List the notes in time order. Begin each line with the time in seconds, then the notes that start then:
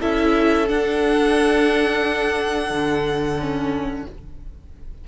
0.00 C#4 E4 A4 E5
0.67 D4 F#5
2.70 D3
3.40 C#4